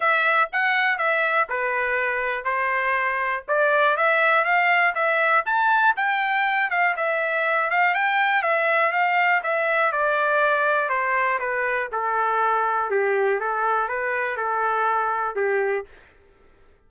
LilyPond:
\new Staff \with { instrumentName = "trumpet" } { \time 4/4 \tempo 4 = 121 e''4 fis''4 e''4 b'4~ | b'4 c''2 d''4 | e''4 f''4 e''4 a''4 | g''4. f''8 e''4. f''8 |
g''4 e''4 f''4 e''4 | d''2 c''4 b'4 | a'2 g'4 a'4 | b'4 a'2 g'4 | }